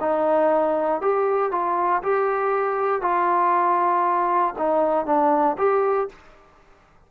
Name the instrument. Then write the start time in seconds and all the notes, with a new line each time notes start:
trombone
0.00 D#4
1.01 G4
1.51 F4
2.02 G4
3.01 F4
4.58 D#4
5.05 D4
5.57 G4